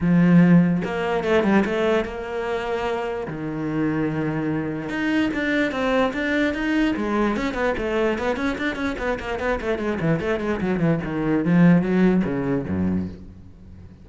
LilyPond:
\new Staff \with { instrumentName = "cello" } { \time 4/4 \tempo 4 = 147 f2 ais4 a8 g8 | a4 ais2. | dis1 | dis'4 d'4 c'4 d'4 |
dis'4 gis4 cis'8 b8 a4 | b8 cis'8 d'8 cis'8 b8 ais8 b8 a8 | gis8 e8 a8 gis8 fis8 e8 dis4 | f4 fis4 cis4 fis,4 | }